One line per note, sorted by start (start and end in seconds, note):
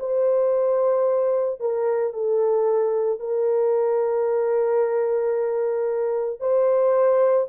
0.00 1.60 C5
1.60 2.14 A#4
2.14 3.20 A4
3.20 6.40 A#4
6.40 7.48 C5